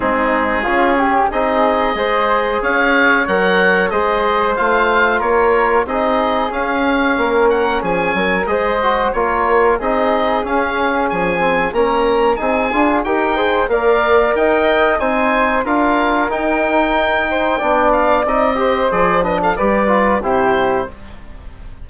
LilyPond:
<<
  \new Staff \with { instrumentName = "oboe" } { \time 4/4 \tempo 4 = 92 gis'2 dis''2 | f''4 fis''4 dis''4 f''4 | cis''4 dis''4 f''4. fis''8 | gis''4 dis''4 cis''4 dis''4 |
f''4 gis''4 ais''4 gis''4 | g''4 f''4 g''4 gis''4 | f''4 g''2~ g''8 f''8 | dis''4 d''8 dis''16 f''16 d''4 c''4 | }
  \new Staff \with { instrumentName = "flute" } { \time 4/4 dis'4 f'8 g'8 gis'4 c''4 | cis''2 c''2 | ais'4 gis'2 ais'4 | gis'8 ais'8 c''4 ais'4 gis'4~ |
gis'2 ais'4 gis'4 | ais'8 c''8 d''4 dis''4 c''4 | ais'2~ ais'8 c''8 d''4~ | d''8 c''4 b'16 a'16 b'4 g'4 | }
  \new Staff \with { instrumentName = "trombone" } { \time 4/4 c'4 cis'4 dis'4 gis'4~ | gis'4 ais'4 gis'4 f'4~ | f'4 dis'4 cis'2~ | cis'4 gis'8 fis'8 f'4 dis'4 |
cis'4. c'8 cis'4 dis'8 f'8 | g'8 gis'8 ais'2 dis'4 | f'4 dis'2 d'4 | dis'8 g'8 gis'8 d'8 g'8 f'8 e'4 | }
  \new Staff \with { instrumentName = "bassoon" } { \time 4/4 gis4 cis4 c'4 gis4 | cis'4 fis4 gis4 a4 | ais4 c'4 cis'4 ais4 | f8 fis8 gis4 ais4 c'4 |
cis'4 f4 ais4 c'8 d'8 | dis'4 ais4 dis'4 c'4 | d'4 dis'2 b4 | c'4 f4 g4 c4 | }
>>